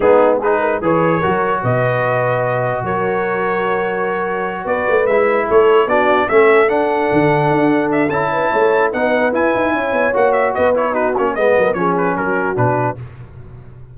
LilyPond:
<<
  \new Staff \with { instrumentName = "trumpet" } { \time 4/4 \tempo 4 = 148 gis'4 b'4 cis''2 | dis''2. cis''4~ | cis''2.~ cis''8 d''8~ | d''8 e''4 cis''4 d''4 e''8~ |
e''8 fis''2. e''8 | a''2 fis''4 gis''4~ | gis''4 fis''8 e''8 dis''8 cis''8 b'8 cis''8 | dis''4 cis''8 b'8 ais'4 b'4 | }
  \new Staff \with { instrumentName = "horn" } { \time 4/4 dis'4 gis'8 ais'8 b'4 ais'4 | b'2. ais'4~ | ais'2.~ ais'8 b'8~ | b'4. a'4 fis'4 a'8~ |
a'1~ | a'8 b'8 cis''4 b'2 | cis''2 b'4 fis'4 | b'8 ais'8 gis'4 fis'2 | }
  \new Staff \with { instrumentName = "trombone" } { \time 4/4 b4 dis'4 gis'4 fis'4~ | fis'1~ | fis'1~ | fis'8 e'2 d'4 cis'8~ |
cis'8 d'2.~ d'8 | e'2 dis'4 e'4~ | e'4 fis'4. e'8 dis'8 cis'8 | b4 cis'2 d'4 | }
  \new Staff \with { instrumentName = "tuba" } { \time 4/4 gis2 e4 fis4 | b,2. fis4~ | fis2.~ fis8 b8 | a8 gis4 a4 b4 a8~ |
a8 d'4 d4 d'4. | cis'4 a4 b4 e'8 dis'8 | cis'8 b8 ais4 b4. ais8 | gis8 fis8 f4 fis4 b,4 | }
>>